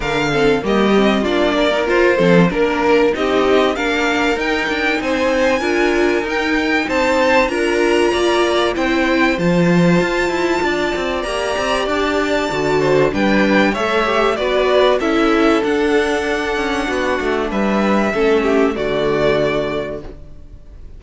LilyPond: <<
  \new Staff \with { instrumentName = "violin" } { \time 4/4 \tempo 4 = 96 f''4 dis''4 d''4 c''4 | ais'4 dis''4 f''4 g''4 | gis''2 g''4 a''4 | ais''2 g''4 a''4~ |
a''2 ais''4 a''4~ | a''4 g''4 e''4 d''4 | e''4 fis''2. | e''2 d''2 | }
  \new Staff \with { instrumentName = "violin" } { \time 4/4 ais'8 a'8 g'4 f'8 ais'4 a'8 | ais'4 g'4 ais'2 | c''4 ais'2 c''4 | ais'4 d''4 c''2~ |
c''4 d''2.~ | d''8 c''8 b'4 cis''4 b'4 | a'2. fis'4 | b'4 a'8 g'8 fis'2 | }
  \new Staff \with { instrumentName = "viola" } { \time 4/4 d'8 c'8 ais8 c'8 d'8. dis'16 f'8 c'8 | d'4 dis'4 d'4 dis'4~ | dis'4 f'4 dis'2 | f'2 e'4 f'4~ |
f'2 g'2 | fis'4 d'4 a'8 g'8 fis'4 | e'4 d'2.~ | d'4 cis'4 a2 | }
  \new Staff \with { instrumentName = "cello" } { \time 4/4 d4 g4 ais4 f'8 f8 | ais4 c'4 ais4 dis'8 d'8 | c'4 d'4 dis'4 c'4 | d'4 ais4 c'4 f4 |
f'8 e'8 d'8 c'8 ais8 c'8 d'4 | d4 g4 a4 b4 | cis'4 d'4. cis'8 b8 a8 | g4 a4 d2 | }
>>